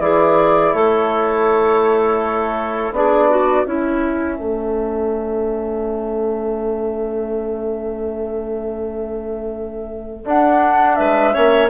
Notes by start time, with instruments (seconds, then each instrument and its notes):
0.00 bassoon E3, trombone E4, clarinet G#4, flute D5
0.74 bassoon A3, clarinet A4, flute C#5
2.91 bassoon B3, trombone D4, clarinet G#4, flute D5
3.30 clarinet F#4
3.65 bassoon C#4, trombone C#4, clarinet E4, flute E5
4.38 bassoon A3, clarinet A4
10.25 bassoon D4, trombone D4, flute F#5
10.95 bassoon G#3, clarinet B4, flute E5
11.33 bassoon A#3, trombone C#4, clarinet C#5